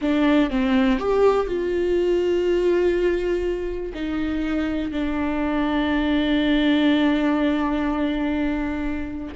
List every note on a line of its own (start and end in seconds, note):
0.01 0.50 D4
0.50 0.98 C4
0.98 1.46 G4
1.46 3.92 F4
3.93 4.91 D#4
4.91 9.34 D4